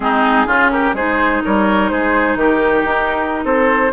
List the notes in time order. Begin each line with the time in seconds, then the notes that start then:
0.00 G#3 C4 D#4 G#4
0.46 C#3 C#4 F4
0.70 G4 A#4
0.93 G#3 D#4 G#4 C5
1.44 G3 A#4 C#5
1.89 G#3 G#4 C5
2.35 D#3 G4 A#4
2.85 D#4
3.44 C4 A4 C5